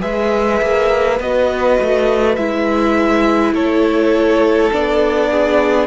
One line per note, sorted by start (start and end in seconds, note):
0.00 0.62 G#3
0.00 1.18 G#4
0.00 3.54 B4
0.00 1.19 E5
0.62 1.20 A#3
1.20 1.78 B3
1.20 2.39 F#4
1.20 2.35 D#5
1.81 2.37 A3
2.35 3.53 G#3
2.35 4.72 E4
2.35 3.53 E5
3.53 4.71 A3
3.53 5.30 A4
3.53 4.73 C#5
4.72 5.87 B3
4.72 5.87 D4
4.72 5.87 D5
5.30 5.87 G#4